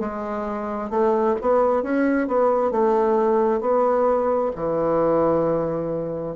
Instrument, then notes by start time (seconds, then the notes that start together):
bassoon
0.00 G#3
0.90 A3
1.42 B3
1.83 C#4
2.28 B3
2.71 A3
3.61 B3
4.56 E3